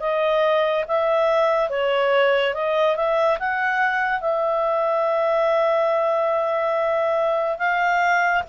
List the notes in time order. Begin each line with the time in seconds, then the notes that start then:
0.00 D#5
0.88 E5
1.69 C#5
2.54 D#5
2.96 E5
3.39 F#5
4.21 E5
7.58 F5